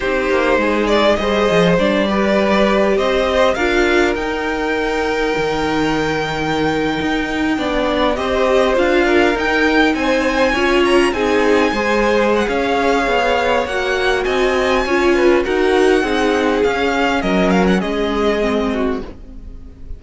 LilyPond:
<<
  \new Staff \with { instrumentName = "violin" } { \time 4/4 \tempo 4 = 101 c''4. d''8 dis''4 d''4~ | d''4 dis''4 f''4 g''4~ | g''1~ | g''4.~ g''16 dis''4 f''4 g''16~ |
g''8. gis''4. ais''8 gis''4~ gis''16~ | gis''8. fis''16 f''2 fis''4 | gis''2 fis''2 | f''4 dis''8 f''16 fis''16 dis''2 | }
  \new Staff \with { instrumentName = "violin" } { \time 4/4 g'4 gis'4 c''4. b'8~ | b'4 c''4 ais'2~ | ais'1~ | ais'8. d''4 c''4. ais'8.~ |
ais'8. c''4 cis''4 gis'4 c''16~ | c''4 cis''2. | dis''4 cis''8 b'8 ais'4 gis'4~ | gis'4 ais'4 gis'4. fis'8 | }
  \new Staff \with { instrumentName = "viola" } { \time 4/4 dis'2 gis'4 d'8 g'8~ | g'2 f'4 dis'4~ | dis'1~ | dis'8. d'4 g'4 f'4 dis'16~ |
dis'4.~ dis'16 f'4 dis'4 gis'16~ | gis'2. fis'4~ | fis'4 f'4 fis'4 dis'4 | cis'2. c'4 | }
  \new Staff \with { instrumentName = "cello" } { \time 4/4 c'8 ais8 gis4 g8 f8 g4~ | g4 c'4 d'4 dis'4~ | dis'4 dis2~ dis8. dis'16~ | dis'8. b4 c'4 d'4 dis'16~ |
dis'8. c'4 cis'4 c'4 gis16~ | gis4 cis'4 b4 ais4 | c'4 cis'4 dis'4 c'4 | cis'4 fis4 gis2 | }
>>